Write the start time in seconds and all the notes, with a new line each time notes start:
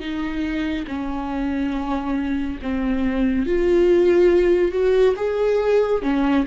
0.00 D#4
0.88 C#4
2.63 C4
3.46 F4
4.72 F#4
5.17 G#4
6.02 C#4